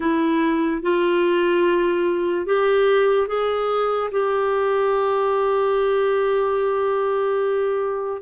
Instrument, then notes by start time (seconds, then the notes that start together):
clarinet
0.00 E4
0.82 F4
2.46 G4
3.27 G#4
4.11 G4